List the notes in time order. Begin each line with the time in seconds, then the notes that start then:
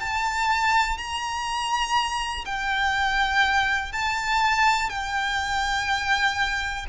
0.00 A5
0.97 A#5
2.45 G5
3.92 A5
4.89 G5